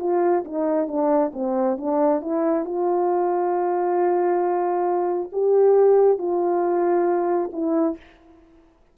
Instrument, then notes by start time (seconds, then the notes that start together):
horn
0.00 F4
0.45 D#4
0.88 D4
1.34 C4
1.78 D4
2.22 E4
2.66 F4
5.33 G4
6.18 F4
7.53 E4